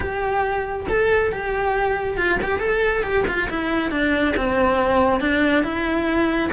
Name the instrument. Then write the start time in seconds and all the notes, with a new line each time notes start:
cello
0.00 G4
0.88 A4
1.32 G4
2.17 F4
2.42 G4
2.59 A4
3.03 G4
3.27 F4
3.49 E4
3.90 D4
4.36 C4
5.20 D4
5.63 E4